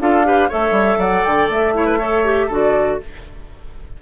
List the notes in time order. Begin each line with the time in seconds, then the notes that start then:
0.00 D4 F4 A4 F5
0.25 G4 B4
0.49 A3 A4 C#5 E5
0.71 G3
0.98 F#3 D5 F#5
1.24 D3 G5
1.49 A3 E5
1.74 E4 C#5
1.86 B4
1.99 A4 C#5
2.25 G4
2.47 D3 F#4 A4 D5